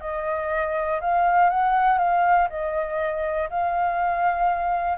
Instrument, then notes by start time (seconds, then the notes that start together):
flute
0.00 D#5
1.00 F5
1.50 F#5
1.98 F5
2.49 D#5
3.50 F5